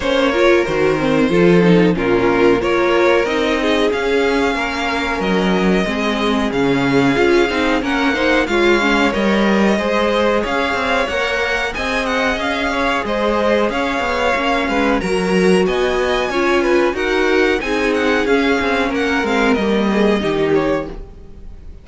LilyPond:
<<
  \new Staff \with { instrumentName = "violin" } { \time 4/4 \tempo 4 = 92 cis''4 c''2 ais'4 | cis''4 dis''4 f''2 | dis''2 f''2 | fis''4 f''4 dis''2 |
f''4 fis''4 gis''8 fis''8 f''4 | dis''4 f''2 ais''4 | gis''2 fis''4 gis''8 fis''8 | f''4 fis''8 f''8 dis''4. cis''8 | }
  \new Staff \with { instrumentName = "violin" } { \time 4/4 c''8 ais'4. a'4 f'4 | ais'4. gis'4. ais'4~ | ais'4 gis'2. | ais'8 c''8 cis''2 c''4 |
cis''2 dis''4. cis''8 | c''4 cis''4. b'8 ais'4 | dis''4 cis''8 b'8 ais'4 gis'4~ | gis'4 ais'4. gis'8 g'4 | }
  \new Staff \with { instrumentName = "viola" } { \time 4/4 cis'8 f'8 fis'8 c'8 f'8 dis'8 cis'4 | f'4 dis'4 cis'2~ | cis'4 c'4 cis'4 f'8 dis'8 | cis'8 dis'8 f'8 cis'8 ais'4 gis'4~ |
gis'4 ais'4 gis'2~ | gis'2 cis'4 fis'4~ | fis'4 f'4 fis'4 dis'4 | cis'4. c'8 ais4 dis'4 | }
  \new Staff \with { instrumentName = "cello" } { \time 4/4 ais4 dis4 f4 ais,4 | ais4 c'4 cis'4 ais4 | fis4 gis4 cis4 cis'8 c'8 | ais4 gis4 g4 gis4 |
cis'8 c'8 ais4 c'4 cis'4 | gis4 cis'8 b8 ais8 gis8 fis4 | b4 cis'4 dis'4 c'4 | cis'8 c'8 ais8 gis8 g4 dis4 | }
>>